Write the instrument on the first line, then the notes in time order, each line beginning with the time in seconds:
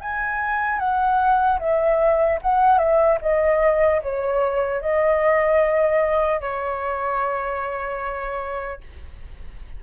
flute
0.00 G#5
0.79 F#5
1.59 E5
2.41 F#5
2.78 E5
3.21 D#5
4.02 C#5
4.81 D#5
6.40 C#5